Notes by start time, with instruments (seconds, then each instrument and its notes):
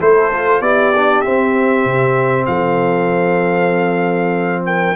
0.00 tuba A3, trombone E4, horn A4, trumpet C5
0.33 trombone F4
0.61 tuba B3, trombone E4, horn G4, trumpet D5
0.97 trombone D4
1.22 trombone C4, tuba C4, trumpet E5
1.85 tuba C3
2.47 tuba F3, horn A4, trumpet F5
4.66 horn A#4, trumpet G5